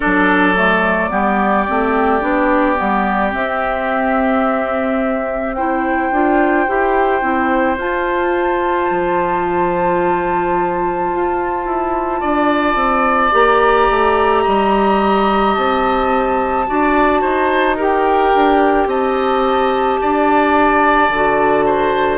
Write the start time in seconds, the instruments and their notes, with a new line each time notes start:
0.00 bassoon F#3, clarinet D4, oboe A4, flute D5
0.56 clarinet A3
1.09 bassoon G3, clarinet B3, oboe G4
1.67 bassoon A3, clarinet C4
2.20 bassoon B3, clarinet D4
2.76 bassoon G3, clarinet B3
3.31 clarinet C4, bassoon C4, flute E5
5.53 clarinet E4, oboe C5, flute G5
6.11 bassoon D4, clarinet F4
6.67 bassoon E4, clarinet G4
7.21 bassoon C4, clarinet E4
7.77 bassoon F4, clarinet F4, flute A5
8.90 bassoon F3
11.11 bassoon F4
11.65 bassoon E4
12.20 bassoon D4, oboe D5
12.75 bassoon C4
13.32 bassoon A#3, clarinet G4, flute A#5
13.90 bassoon A3
14.42 bassoon G3, oboe D#5
15.54 bassoon C4, flute A5
16.66 bassoon D4, clarinet F#4, oboe D5
17.21 bassoon D#4, oboe C5
17.76 clarinet G4, oboe A#4, flute G5
18.34 bassoon D4
18.86 bassoon C4, oboe D#5, flute A5
20.01 bassoon D4, oboe D5
21.09 bassoon D3, clarinet F#4
21.65 oboe C5